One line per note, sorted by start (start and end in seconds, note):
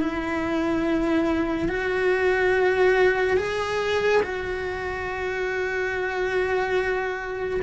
0.00 1.69 E4
1.69 3.37 F#4
3.37 4.22 G#4
4.23 7.61 F#4